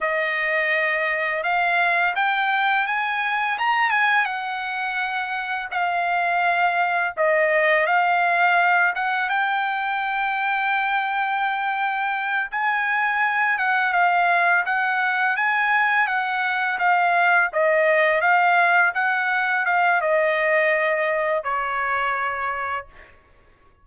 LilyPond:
\new Staff \with { instrumentName = "trumpet" } { \time 4/4 \tempo 4 = 84 dis''2 f''4 g''4 | gis''4 ais''8 gis''8 fis''2 | f''2 dis''4 f''4~ | f''8 fis''8 g''2.~ |
g''4. gis''4. fis''8 f''8~ | f''8 fis''4 gis''4 fis''4 f''8~ | f''8 dis''4 f''4 fis''4 f''8 | dis''2 cis''2 | }